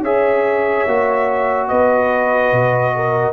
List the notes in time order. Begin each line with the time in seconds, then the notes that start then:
0.00 C#4 G#4 C#5 E5
0.87 A#3 F#4
1.68 B3 B4 D#5
2.52 B2
2.95 A#4